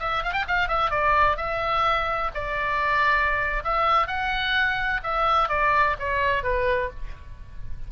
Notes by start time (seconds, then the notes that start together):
0.00 E5
0.24 F5
0.33 G5
0.48 F5
0.69 E5
0.91 D5
1.37 E5
2.35 D5
3.65 E5
4.08 F#5
5.04 E5
5.49 D5
6.00 C#5
6.44 B4